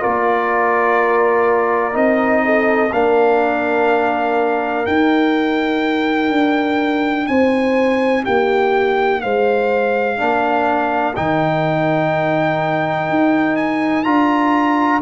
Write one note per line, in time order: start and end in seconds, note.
0.00 1.95 A#3
0.00 1.92 F4
0.00 2.43 A#4
0.00 1.96 D5
1.92 2.92 C4
1.92 2.89 D#4
1.92 2.93 D#5
2.45 2.94 A4
2.93 4.86 A#3
2.93 4.86 D4
2.93 7.29 A#4
2.93 4.86 F5
4.86 10.17 D#4
4.86 6.30 D#4
4.86 7.27 G5
6.30 7.27 D4
7.27 8.25 C4
7.27 8.24 C5
7.27 8.24 G#5
8.24 9.24 A#3
8.24 9.21 G4
8.24 9.21 G5
9.21 10.20 G#3
9.21 10.19 C5
9.21 11.15 F5
10.17 11.17 A#3
10.17 11.14 D4
10.17 15.02 A#4
11.16 13.10 D#3
11.16 14.05 D#4
11.16 13.56 G5
13.10 14.06 D#4
13.56 14.03 G#5
14.03 15.02 D4
14.03 15.01 F4
14.03 15.00 A#5